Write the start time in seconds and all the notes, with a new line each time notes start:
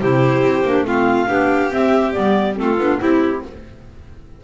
0.00 C3 E4 G4 C5
0.41 C4
0.64 A#3 D4
0.85 A3 C4 F4 F5
1.27 B3 D4 G4
1.70 C4 E5
2.12 G3 B3 D5
2.54 A3 C4 A4
2.61 F4
2.78 B3 D4
3.00 C4 E4 G4